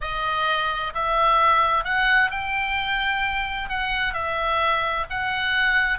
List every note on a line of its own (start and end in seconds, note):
0.01 0.93 D#5
0.94 1.84 E5
1.84 2.30 F#5
2.31 3.69 G5
3.69 4.13 F#5
4.13 5.06 E5
5.10 5.98 F#5